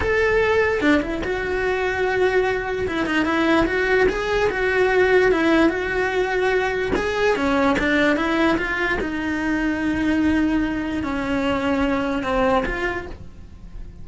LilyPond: \new Staff \with { instrumentName = "cello" } { \time 4/4 \tempo 4 = 147 a'2 d'8 e'8 fis'4~ | fis'2. e'8 dis'8 | e'4 fis'4 gis'4 fis'4~ | fis'4 e'4 fis'2~ |
fis'4 gis'4 cis'4 d'4 | e'4 f'4 dis'2~ | dis'2. cis'4~ | cis'2 c'4 f'4 | }